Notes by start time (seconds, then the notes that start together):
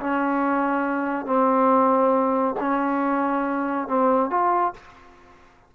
0.00 C#4
1.26 C4
2.60 C#4
3.88 C4
4.30 F4